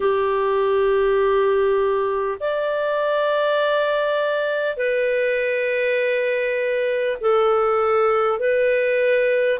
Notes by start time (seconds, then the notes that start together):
0.00 G4
2.40 D5
4.77 B4
7.21 A4
8.39 B4